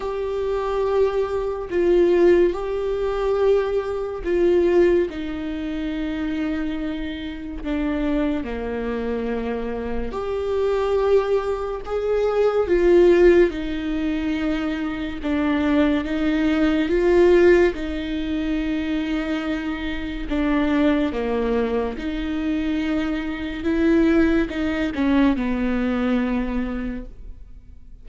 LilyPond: \new Staff \with { instrumentName = "viola" } { \time 4/4 \tempo 4 = 71 g'2 f'4 g'4~ | g'4 f'4 dis'2~ | dis'4 d'4 ais2 | g'2 gis'4 f'4 |
dis'2 d'4 dis'4 | f'4 dis'2. | d'4 ais4 dis'2 | e'4 dis'8 cis'8 b2 | }